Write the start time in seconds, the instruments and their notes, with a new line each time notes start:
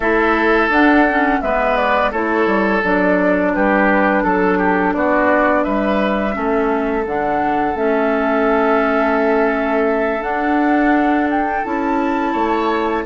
0.00 bassoon A3, clarinet E4, oboe A4, flute E5
0.68 bassoon D4, clarinet D4, flute F#5
1.09 clarinet C#4
1.41 bassoon G#3, clarinet B3, oboe B4, flute E5
1.76 flute D5
2.11 bassoon A3, clarinet E4, oboe A4, flute C#5
2.46 bassoon G3
2.82 bassoon F#3, clarinet D4, flute D5
3.54 bassoon G3, oboe G4, flute B4
4.23 bassoon F#3, oboe A4, flute A4
4.58 oboe G4
4.93 bassoon B3, oboe F#4, flute D5
5.63 bassoon G3, oboe B4, flute E5
6.32 bassoon A3, clarinet C#4, oboe A4
7.05 bassoon D3, clarinet D4, flute F#5
7.74 bassoon A3, clarinet C#4, flute E5
10.21 bassoon D4, clarinet D4, flute F#5
11.29 flute G5
11.64 bassoon C#4, clarinet E4, flute A5
12.32 bassoon A3, oboe C#5